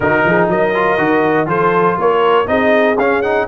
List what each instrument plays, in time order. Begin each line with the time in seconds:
0.00 tuba D#3, trombone D#4, horn F#4, trumpet A#4
0.25 tuba F3, horn G#4
0.48 tuba F#3, horn A#4, trumpet D#5
0.73 trombone F4
0.97 tuba D#3, trombone F#4
1.46 tuba F3, trombone F4, horn A4, trumpet C5
1.97 tuba A#3, horn A#4, trumpet C#5
2.45 tuba C4, trombone D#4, horn G#4, trumpet D#5
2.97 tuba C#4, trombone C#4, trumpet F5
3.21 trombone D#4, trumpet F#5